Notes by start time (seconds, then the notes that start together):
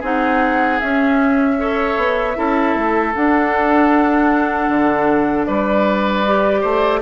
0.00 C4 D#4 G#4 F#5
0.80 C#4 E5
1.59 A4 C#5
1.97 B3
2.36 C#4 E4 A4
2.75 A3
3.15 D4 F#5
4.69 D3
5.46 G3 B4 D5
6.26 G4
6.61 A3 C5